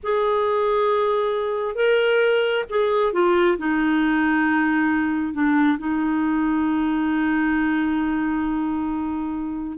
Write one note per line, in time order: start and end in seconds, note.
0.03 1.75 G#4
1.75 2.64 A#4
2.69 3.13 G#4
3.13 3.57 F4
3.58 5.33 D#4
5.33 5.78 D4
5.78 9.78 D#4